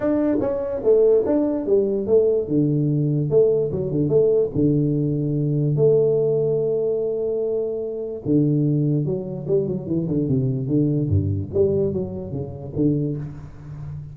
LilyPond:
\new Staff \with { instrumentName = "tuba" } { \time 4/4 \tempo 4 = 146 d'4 cis'4 a4 d'4 | g4 a4 d2 | a4 fis8 d8 a4 d4~ | d2 a2~ |
a1 | d2 fis4 g8 fis8 | e8 d8 c4 d4 g,4 | g4 fis4 cis4 d4 | }